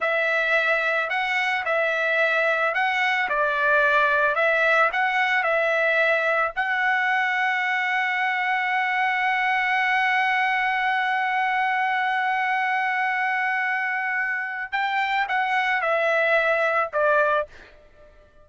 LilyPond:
\new Staff \with { instrumentName = "trumpet" } { \time 4/4 \tempo 4 = 110 e''2 fis''4 e''4~ | e''4 fis''4 d''2 | e''4 fis''4 e''2 | fis''1~ |
fis''1~ | fis''1~ | fis''2. g''4 | fis''4 e''2 d''4 | }